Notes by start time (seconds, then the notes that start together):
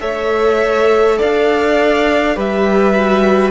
0.00 A3 A4 C#5 E5
1.19 D4 D5 F5
2.35 G3 G4 B4 E5
2.95 F#4